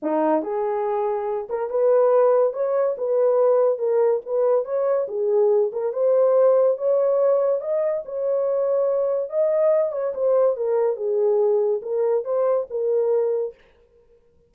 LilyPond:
\new Staff \with { instrumentName = "horn" } { \time 4/4 \tempo 4 = 142 dis'4 gis'2~ gis'8 ais'8 | b'2 cis''4 b'4~ | b'4 ais'4 b'4 cis''4 | gis'4. ais'8 c''2 |
cis''2 dis''4 cis''4~ | cis''2 dis''4. cis''8 | c''4 ais'4 gis'2 | ais'4 c''4 ais'2 | }